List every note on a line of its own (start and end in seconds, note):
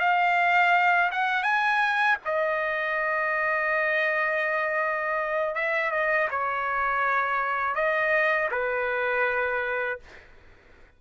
0.00 1.11 F5
1.11 1.43 F#5
1.43 2.17 G#5
2.25 5.56 D#5
5.56 5.91 E5
5.91 6.28 D#5
6.31 7.75 C#5
7.75 8.49 D#5
8.52 10.00 B4